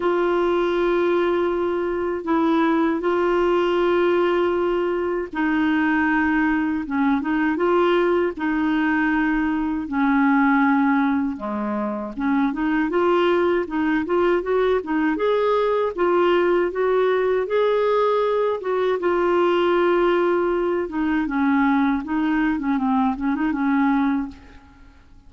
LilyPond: \new Staff \with { instrumentName = "clarinet" } { \time 4/4 \tempo 4 = 79 f'2. e'4 | f'2. dis'4~ | dis'4 cis'8 dis'8 f'4 dis'4~ | dis'4 cis'2 gis4 |
cis'8 dis'8 f'4 dis'8 f'8 fis'8 dis'8 | gis'4 f'4 fis'4 gis'4~ | gis'8 fis'8 f'2~ f'8 dis'8 | cis'4 dis'8. cis'16 c'8 cis'16 dis'16 cis'4 | }